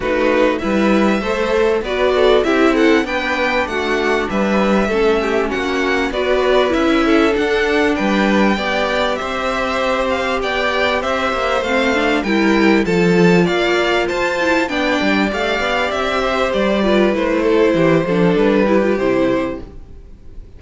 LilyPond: <<
  \new Staff \with { instrumentName = "violin" } { \time 4/4 \tempo 4 = 98 b'4 e''2 d''4 | e''8 fis''8 g''4 fis''4 e''4~ | e''4 fis''4 d''4 e''4 | fis''4 g''2 e''4~ |
e''8 f''8 g''4 e''4 f''4 | g''4 a''4 f''4 a''4 | g''4 f''4 e''4 d''4 | c''2 b'4 c''4 | }
  \new Staff \with { instrumentName = "violin" } { \time 4/4 fis'4 b'4 c''4 b'8 a'8 | g'8 a'8 b'4 fis'4 b'4 | a'8 g'8 fis'4 b'4. a'8~ | a'4 b'4 d''4 c''4~ |
c''4 d''4 c''2 | ais'4 a'4 d''4 c''4 | d''2~ d''8 c''4 b'8~ | b'8 a'8 g'8 a'4 g'4. | }
  \new Staff \with { instrumentName = "viola" } { \time 4/4 dis'4 e'4 a'4 fis'4 | e'4 d'2. | cis'2 fis'4 e'4 | d'2 g'2~ |
g'2. c'8 d'8 | e'4 f'2~ f'8 e'8 | d'4 g'2~ g'8 f'8 | e'4. d'4 e'16 f'16 e'4 | }
  \new Staff \with { instrumentName = "cello" } { \time 4/4 a4 g4 a4 b4 | c'4 b4 a4 g4 | a4 ais4 b4 cis'4 | d'4 g4 b4 c'4~ |
c'4 b4 c'8 ais8 a4 | g4 f4 ais4 f'4 | b8 g8 a8 b8 c'4 g4 | a4 e8 f8 g4 c4 | }
>>